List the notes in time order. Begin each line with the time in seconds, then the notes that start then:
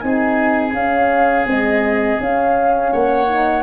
0.00 C4 D#4 G#4 G#5
0.73 C#4 F5
1.47 G#3 C4 D#5
2.19 C#4 F5
2.93 A#3 C#5 F#5
3.27 D#4